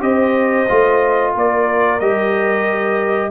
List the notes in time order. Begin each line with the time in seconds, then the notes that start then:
0.00 C4 G4 C5 D#5
0.68 A3 F4
1.34 A#3 A#4 D5
2.00 G3 G4 D#5